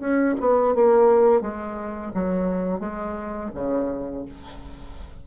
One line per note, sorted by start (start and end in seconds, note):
0.00 0.35 C#4
0.40 0.75 B3
0.75 1.41 A#3
1.41 2.12 G#3
2.14 2.80 F#3
2.80 3.51 G#3
3.55 4.25 C#3